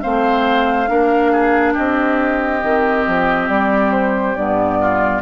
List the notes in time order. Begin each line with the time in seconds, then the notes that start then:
0.00 A3 C4 C5 F5
0.87 A#3 D4 A#4
1.32 G#4
1.74 C4 G4 D#5
2.62 D#3 C4
3.07 F3
3.49 G3 D5
3.92 C5
4.36 G2 B3 D5
4.81 F4